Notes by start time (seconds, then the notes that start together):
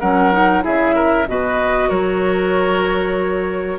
0.00 F#3 C#4 A#4 F#5
0.32 D#4
0.62 C#3 E4 G#4 E5
0.95 A#4
1.27 B2 F#4 B4 D#5
1.89 F#3 A#4 C#5